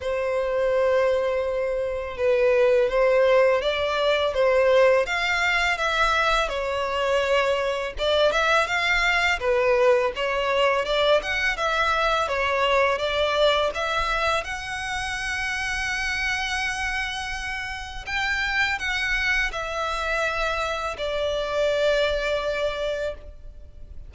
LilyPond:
\new Staff \with { instrumentName = "violin" } { \time 4/4 \tempo 4 = 83 c''2. b'4 | c''4 d''4 c''4 f''4 | e''4 cis''2 d''8 e''8 | f''4 b'4 cis''4 d''8 fis''8 |
e''4 cis''4 d''4 e''4 | fis''1~ | fis''4 g''4 fis''4 e''4~ | e''4 d''2. | }